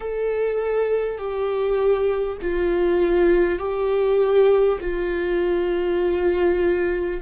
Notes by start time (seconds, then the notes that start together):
0.00 A4
1.17 G4
2.41 F4
3.58 G4
4.81 F4